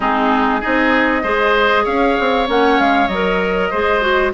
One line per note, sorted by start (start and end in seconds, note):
0.00 0.62 G#3
0.00 0.61 C4
0.00 0.60 D#4
0.00 0.61 G#4
0.60 1.23 C4
0.60 1.23 D#4
0.60 1.22 G#4
0.60 1.85 D#5
1.22 1.85 G#3
1.22 2.47 G#4
1.22 1.84 C5
1.84 2.17 C#4
1.84 3.69 C#5
1.84 2.47 F5
2.19 2.48 C4
2.47 2.79 A#3
2.47 3.09 C#4
2.47 2.80 F#5
2.79 3.08 G#3
2.79 3.07 F5
3.07 3.70 F#3
3.07 3.73 A#4
3.07 4.31 D#5
3.70 4.33 G#3
3.70 4.01 G#4
3.70 4.32 C5
4.01 4.32 F#4